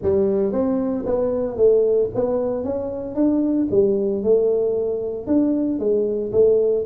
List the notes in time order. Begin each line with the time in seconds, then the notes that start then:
0.02 G3
0.52 C4
1.06 B3
1.56 A3
2.14 B3
2.63 C#4
3.15 D4
3.71 G3
4.23 A3
5.26 D4
5.79 G#3
6.32 A3